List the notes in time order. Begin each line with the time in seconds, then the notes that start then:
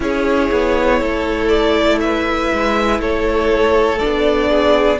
0.00 C#4 E4 G#4 C#5
0.51 B3
1.00 A3 A4
1.48 D5
2.00 B4 E5
2.52 G#3
2.99 A3 A4 C#5
3.99 B3 D4 D5
4.49 G#4